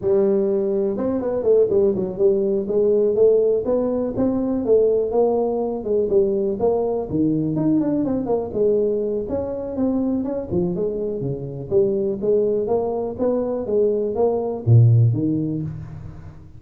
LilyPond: \new Staff \with { instrumentName = "tuba" } { \time 4/4 \tempo 4 = 123 g2 c'8 b8 a8 g8 | fis8 g4 gis4 a4 b8~ | b8 c'4 a4 ais4. | gis8 g4 ais4 dis4 dis'8 |
d'8 c'8 ais8 gis4. cis'4 | c'4 cis'8 f8 gis4 cis4 | g4 gis4 ais4 b4 | gis4 ais4 ais,4 dis4 | }